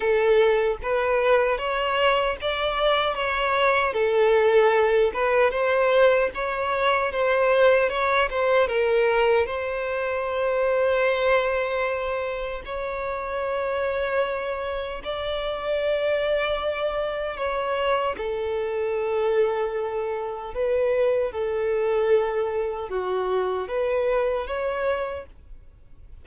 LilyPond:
\new Staff \with { instrumentName = "violin" } { \time 4/4 \tempo 4 = 76 a'4 b'4 cis''4 d''4 | cis''4 a'4. b'8 c''4 | cis''4 c''4 cis''8 c''8 ais'4 | c''1 |
cis''2. d''4~ | d''2 cis''4 a'4~ | a'2 b'4 a'4~ | a'4 fis'4 b'4 cis''4 | }